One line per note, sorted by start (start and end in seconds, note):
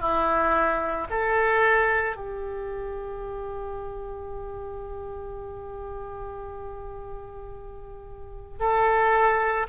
0.00 1.07 E4
1.10 2.16 A4
2.16 8.59 G4
8.59 9.66 A4